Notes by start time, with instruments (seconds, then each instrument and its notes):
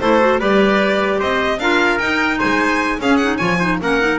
0.00 double bass A3, clarinet E4, trumpet A4, violin C5
0.20 clarinet F#4
0.40 double bass G3, clarinet G4, trumpet B4, violin D5
1.19 double bass C4, trumpet C5, violin D#5
1.59 double bass D4, clarinet F4, trumpet A#4, violin F5
1.98 double bass D#4, clarinet D#4, violin G5
2.39 double bass G#3, trumpet C5, violin G#5
2.99 double bass C#4, clarinet C#4, trumpet G#4, violin F5
3.17 clarinet D#4, violin F#5
3.37 double bass F3, clarinet F4, trumpet C#5, violin G#5
3.59 clarinet D#4, trumpet C5
3.81 double bass A#3, clarinet C#4, trumpet A#4, violin F#5
4.00 clarinet D#4